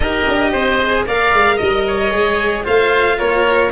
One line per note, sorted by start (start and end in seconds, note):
0.00 0.23 D#4
0.00 0.80 G4
0.00 0.50 A#4
0.00 1.02 D#5
0.27 0.53 D4
0.52 1.06 C4
0.52 1.05 C5
0.80 1.06 G#4
1.06 1.33 A#3
1.06 2.11 A#4
1.06 1.56 D5
1.06 1.58 F5
1.33 1.59 G#3
1.56 2.12 G3
1.56 1.82 D#5
1.56 2.64 D#5
1.87 2.64 C#5
2.11 2.65 G#3
2.11 2.64 G#4
2.64 3.20 A3
2.64 3.70 F4
2.64 3.17 C5
2.64 3.18 F5
3.18 3.71 A#3
3.18 3.71 A#4
3.18 3.71 C#5